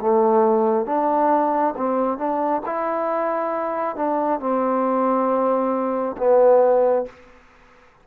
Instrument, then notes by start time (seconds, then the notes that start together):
trombone
0.00 A3
0.86 D4
1.76 C4
2.17 D4
2.66 E4
3.96 D4
4.40 C4
6.17 B3